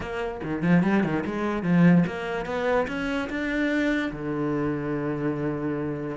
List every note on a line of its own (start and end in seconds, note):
0.00 0.40 A#3
0.43 0.62 D#3
0.62 0.83 F3
0.83 1.03 G3
1.03 1.24 D#3
1.25 1.63 G#3
1.63 2.04 F3
2.06 2.45 A#3
2.45 2.86 B3
2.87 3.28 C#4
3.29 4.11 D4
4.12 6.16 D3